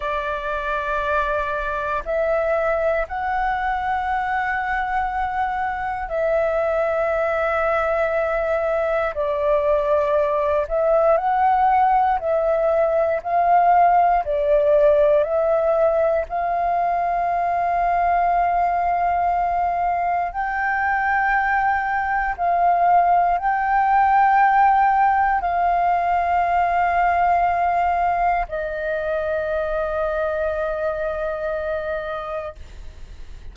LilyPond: \new Staff \with { instrumentName = "flute" } { \time 4/4 \tempo 4 = 59 d''2 e''4 fis''4~ | fis''2 e''2~ | e''4 d''4. e''8 fis''4 | e''4 f''4 d''4 e''4 |
f''1 | g''2 f''4 g''4~ | g''4 f''2. | dis''1 | }